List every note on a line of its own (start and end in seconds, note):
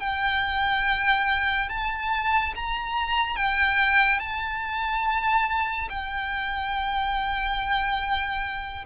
0.00 1.69 G5
1.69 2.54 A5
2.56 3.36 A#5
3.36 4.20 G5
4.20 5.89 A5
5.90 8.85 G5